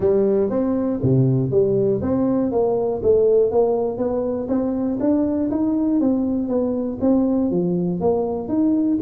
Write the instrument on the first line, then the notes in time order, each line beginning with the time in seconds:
tuba
0.00 G3
0.50 C4
1.02 C3
1.50 G3
2.01 C4
2.51 A#3
3.02 A3
3.51 A#3
3.97 B3
4.48 C4
5.00 D4
5.50 D#4
6.00 C4
6.48 B3
7.00 C4
7.50 F3
8.00 A#3
8.48 D#4